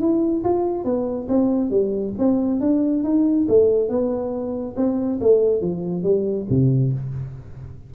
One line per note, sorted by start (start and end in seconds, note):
0.00 0.43 E4
0.44 0.85 F4
0.85 1.28 B3
1.29 1.71 C4
1.71 2.14 G3
2.18 2.61 C4
2.61 3.04 D4
3.04 3.47 D#4
3.48 3.89 A3
3.89 4.75 B3
4.76 5.20 C4
5.21 5.61 A3
5.61 6.03 F3
6.03 6.46 G3
6.50 6.93 C3